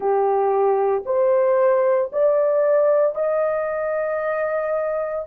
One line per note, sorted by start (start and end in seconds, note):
0.00 1.02 G4
1.05 2.11 C5
2.12 3.15 D5
3.15 5.25 D#5